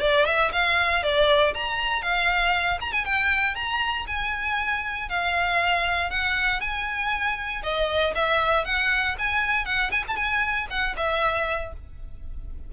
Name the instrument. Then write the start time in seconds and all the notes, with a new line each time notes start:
violin
0.00 D5
0.25 E5
0.52 F5
1.03 D5
1.54 A#5
2.02 F5
2.81 A#5
2.92 G#5
3.05 G5
3.55 A#5
4.07 G#5
5.09 F5
6.10 F#5
6.61 G#5
7.63 D#5
8.15 E5
8.65 F#5
9.18 G#5
9.65 F#5
9.91 G#5
10.08 A5
10.16 G#5
10.70 F#5
10.96 E5